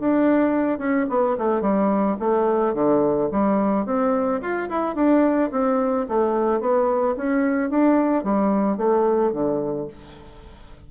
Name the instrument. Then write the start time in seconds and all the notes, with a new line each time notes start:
bassoon
0.00 D4
0.78 C#4
1.09 B3
1.38 A3
1.61 G3
2.19 A3
2.74 D3
3.32 G3
3.86 C4
4.41 F4
4.69 E4
4.95 D4
5.51 C4
6.08 A3
6.61 B3
7.16 C#4
7.70 D4
8.23 G3
8.77 A3
9.32 D3